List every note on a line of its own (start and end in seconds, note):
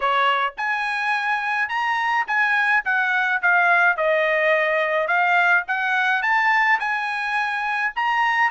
0.00 0.54 C#5
0.57 1.68 G#5
1.68 2.25 A#5
2.27 2.83 G#5
2.85 3.41 F#5
3.42 3.96 F5
3.96 5.07 D#5
5.07 5.64 F5
5.67 6.22 F#5
6.22 6.79 A5
6.79 7.92 G#5
7.95 8.50 A#5